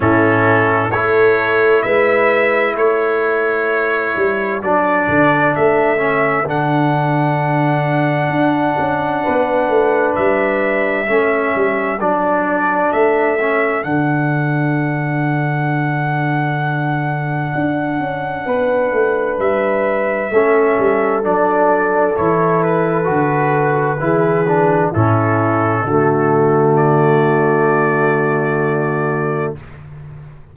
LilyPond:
<<
  \new Staff \with { instrumentName = "trumpet" } { \time 4/4 \tempo 4 = 65 a'4 cis''4 e''4 cis''4~ | cis''4 d''4 e''4 fis''4~ | fis''2. e''4~ | e''4 d''4 e''4 fis''4~ |
fis''1~ | fis''4 e''2 d''4 | cis''8 b'2~ b'8 a'4~ | a'4 d''2. | }
  \new Staff \with { instrumentName = "horn" } { \time 4/4 e'4 a'4 b'4 a'4~ | a'1~ | a'2 b'2 | a'1~ |
a'1 | b'2 a'2~ | a'2 gis'4 e'4 | fis'1 | }
  \new Staff \with { instrumentName = "trombone" } { \time 4/4 cis'4 e'2.~ | e'4 d'4. cis'8 d'4~ | d'1 | cis'4 d'4. cis'8 d'4~ |
d'1~ | d'2 cis'4 d'4 | e'4 fis'4 e'8 d'8 cis'4 | a1 | }
  \new Staff \with { instrumentName = "tuba" } { \time 4/4 a,4 a4 gis4 a4~ | a8 g8 fis8 d8 a4 d4~ | d4 d'8 cis'8 b8 a8 g4 | a8 g8 fis4 a4 d4~ |
d2. d'8 cis'8 | b8 a8 g4 a8 g8 fis4 | e4 d4 e4 a,4 | d1 | }
>>